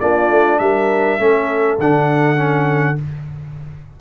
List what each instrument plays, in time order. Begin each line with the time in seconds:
0.00 tuba A#3, trombone D4, horn F4, trumpet D5
0.30 tuba A3
0.59 tuba G3, horn A#4, trumpet E5
1.19 tuba A3, trombone C#4, horn A4
1.78 tuba D3, trombone D4, trumpet F#5
2.36 trombone C#4